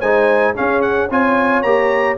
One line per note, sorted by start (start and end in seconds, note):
0.00 0.55 G#3
0.00 0.55 D#4
0.00 0.54 C5
0.00 0.54 G#5
0.55 1.09 C#4
0.55 1.10 C#4
0.55 1.09 G#4
0.55 0.82 F5
0.82 1.09 F#5
1.09 1.64 C4
1.09 1.65 F4
1.09 2.17 C#5
1.09 1.62 G#5
1.62 2.17 A#3
1.62 2.17 G4
1.62 2.16 A#5